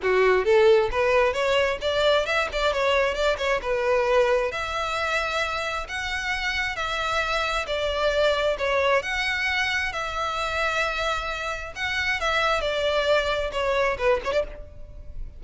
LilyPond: \new Staff \with { instrumentName = "violin" } { \time 4/4 \tempo 4 = 133 fis'4 a'4 b'4 cis''4 | d''4 e''8 d''8 cis''4 d''8 cis''8 | b'2 e''2~ | e''4 fis''2 e''4~ |
e''4 d''2 cis''4 | fis''2 e''2~ | e''2 fis''4 e''4 | d''2 cis''4 b'8 cis''16 d''16 | }